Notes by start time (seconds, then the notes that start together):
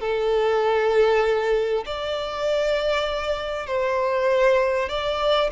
0.00 A4
1.86 D5
3.66 C5
4.89 D5